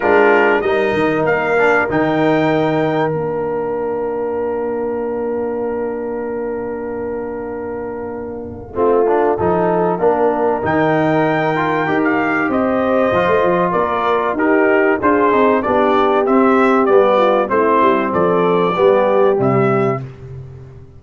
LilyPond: <<
  \new Staff \with { instrumentName = "trumpet" } { \time 4/4 \tempo 4 = 96 ais'4 dis''4 f''4 g''4~ | g''4 f''2.~ | f''1~ | f''1~ |
f''4 g''2~ g''16 f''8. | dis''2 d''4 ais'4 | c''4 d''4 e''4 d''4 | c''4 d''2 e''4 | }
  \new Staff \with { instrumentName = "horn" } { \time 4/4 f'4 ais'2.~ | ais'1~ | ais'1~ | ais'2 f'4 a'4 |
ais'1 | c''2 ais'4 g'4 | gis'4 g'2~ g'8 f'8 | e'4 a'4 g'2 | }
  \new Staff \with { instrumentName = "trombone" } { \time 4/4 d'4 dis'4. d'8 dis'4~ | dis'4 d'2.~ | d'1~ | d'2 c'8 d'8 dis'4 |
d'4 dis'4. f'8 g'4~ | g'4 f'2 dis'4 | f'8 dis'8 d'4 c'4 b4 | c'2 b4 g4 | }
  \new Staff \with { instrumentName = "tuba" } { \time 4/4 gis4 g8 dis8 ais4 dis4~ | dis4 ais2.~ | ais1~ | ais2 a4 f4 |
ais4 dis2 dis'4 | c'4 f16 a16 f8 ais4 dis'4 | d'8 c'8 b4 c'4 g4 | a8 g8 f4 g4 c4 | }
>>